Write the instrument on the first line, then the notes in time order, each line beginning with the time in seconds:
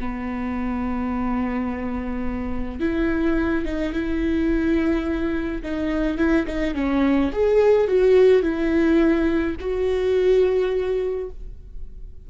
viola
0.00 B3
2.80 E4
3.65 D#4
3.93 E4
5.63 D#4
6.17 E4
6.47 D#4
6.75 C#4
7.33 G#4
7.88 F#4
8.42 E4
9.60 F#4